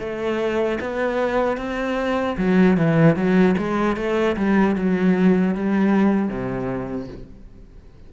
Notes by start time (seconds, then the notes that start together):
0.00 A3
0.81 B3
1.58 C4
2.38 F#3
2.77 E3
3.16 F#3
3.58 G#3
3.97 A3
4.36 G3
4.76 F#3
5.55 G3
6.29 C3